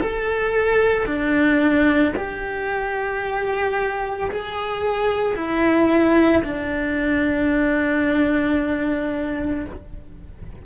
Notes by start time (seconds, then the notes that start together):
0.00 A4
1.06 D4
2.16 G4
4.31 G#4
5.35 E4
6.44 D4